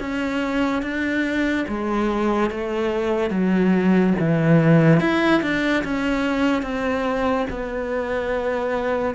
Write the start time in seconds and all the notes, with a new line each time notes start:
0.00 C#4
0.82 D4
1.68 G#3
2.50 A3
3.30 F#3
4.19 E3
5.00 E4
5.42 D4
5.84 C#4
6.62 C4
7.50 B3